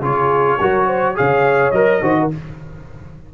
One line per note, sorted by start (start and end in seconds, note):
0.00 0.58 C#3
0.00 0.59 F4
0.00 0.58 G#4
0.00 1.17 C#5
0.61 1.19 F#3
0.61 1.15 F#4
0.61 0.86 A#4
0.86 1.15 C5
1.15 1.72 C#3
1.15 1.73 G#4
1.15 2.02 C#5
1.15 1.71 F5
1.71 2.01 F#3
1.71 2.02 A#4
1.71 2.29 D#5
2.02 2.31 D#3
2.02 2.31 F#4
2.02 2.16 C5
2.19 2.34 A#4